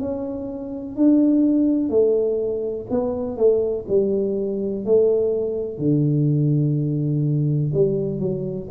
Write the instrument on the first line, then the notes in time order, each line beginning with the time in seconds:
tuba
0.00 C#4
0.97 D4
1.90 A3
2.91 B3
3.37 A3
3.89 G3
4.86 A3
5.78 D3
7.74 G3
8.20 F#3